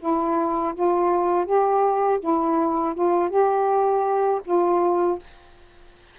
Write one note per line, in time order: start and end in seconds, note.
0.00 0.74 E4
0.74 1.46 F4
1.46 2.20 G4
2.20 2.94 E4
2.95 3.30 F4
3.30 4.41 G4
4.45 5.19 F4